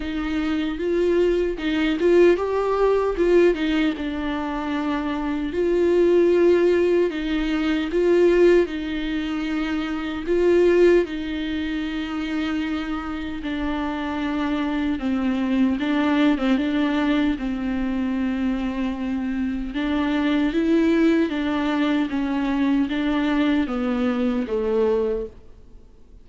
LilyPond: \new Staff \with { instrumentName = "viola" } { \time 4/4 \tempo 4 = 76 dis'4 f'4 dis'8 f'8 g'4 | f'8 dis'8 d'2 f'4~ | f'4 dis'4 f'4 dis'4~ | dis'4 f'4 dis'2~ |
dis'4 d'2 c'4 | d'8. c'16 d'4 c'2~ | c'4 d'4 e'4 d'4 | cis'4 d'4 b4 a4 | }